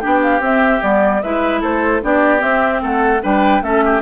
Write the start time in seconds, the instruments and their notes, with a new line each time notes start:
0.00 bassoon B3, clarinet D4, oboe G4, flute G5
0.22 flute F5
0.40 bassoon C4, clarinet C4, flute E5
0.81 bassoon G3, clarinet B3, flute D5
1.22 bassoon G#3, clarinet E4, oboe B4, flute E5
1.61 bassoon A3, oboe A4, flute C5
2.02 bassoon B3, clarinet D4, oboe G4, flute D5
2.39 clarinet C4, bassoon C4, flute E5
2.82 bassoon A3, oboe A4, flute F#5
3.22 bassoon G3, clarinet D4, oboe B4, flute G5
3.62 bassoon A3, clarinet C#4, oboe A4, flute E5
3.85 oboe G4